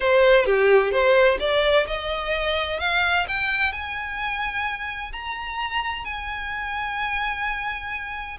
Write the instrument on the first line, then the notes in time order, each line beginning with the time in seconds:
violin
0.00 C5
0.45 G4
0.91 C5
1.39 D5
1.86 D#5
2.79 F5
3.27 G5
3.72 G#5
5.12 A#5
6.04 G#5